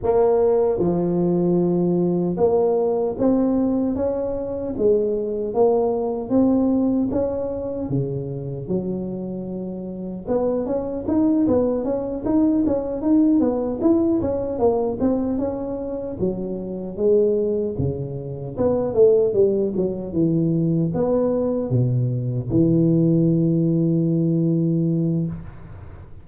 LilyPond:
\new Staff \with { instrumentName = "tuba" } { \time 4/4 \tempo 4 = 76 ais4 f2 ais4 | c'4 cis'4 gis4 ais4 | c'4 cis'4 cis4 fis4~ | fis4 b8 cis'8 dis'8 b8 cis'8 dis'8 |
cis'8 dis'8 b8 e'8 cis'8 ais8 c'8 cis'8~ | cis'8 fis4 gis4 cis4 b8 | a8 g8 fis8 e4 b4 b,8~ | b,8 e2.~ e8 | }